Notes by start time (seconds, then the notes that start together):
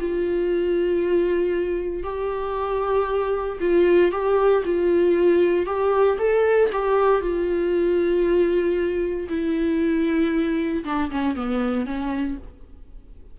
0.00 F4
2.03 G4
3.61 F4
4.12 G4
4.65 F4
5.66 G4
6.19 A4
6.72 G4
7.21 F4
9.29 E4
10.85 D4
11.11 C#4
11.36 B3
11.86 C#4